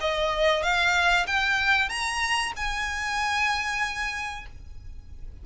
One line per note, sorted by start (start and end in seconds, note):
0.00 0.63 D#5
0.63 1.26 F5
1.27 1.89 G5
1.89 2.52 A#5
2.56 4.46 G#5